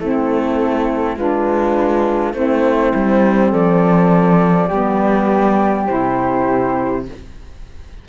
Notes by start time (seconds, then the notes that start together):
0.00 A3 C4 E4 A4
1.17 G#3 D4 F4 B4
2.34 A3 C4 E4 C5
2.95 G3
3.51 F3 A4 D5
4.69 G3 B3 G4
5.87 C3 E4 C5